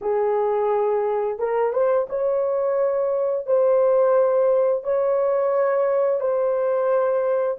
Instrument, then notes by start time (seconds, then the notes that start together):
horn
0.01 G#4
1.38 A#4
1.72 C5
2.09 C#5
3.46 C5
4.83 C#5
6.20 C5